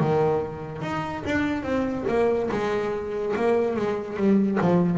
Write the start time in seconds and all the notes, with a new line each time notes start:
0.00 D#3
0.82 D#4
1.26 D4
1.63 C4
2.08 A#3
2.51 G#3
3.36 A#3
3.77 G#3
4.17 G3
4.61 F3